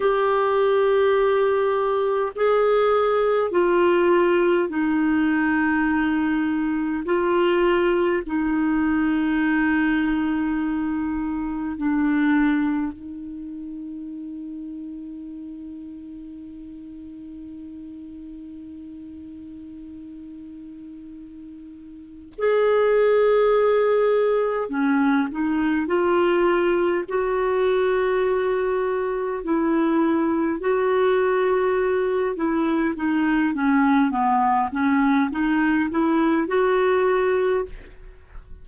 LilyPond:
\new Staff \with { instrumentName = "clarinet" } { \time 4/4 \tempo 4 = 51 g'2 gis'4 f'4 | dis'2 f'4 dis'4~ | dis'2 d'4 dis'4~ | dis'1~ |
dis'2. gis'4~ | gis'4 cis'8 dis'8 f'4 fis'4~ | fis'4 e'4 fis'4. e'8 | dis'8 cis'8 b8 cis'8 dis'8 e'8 fis'4 | }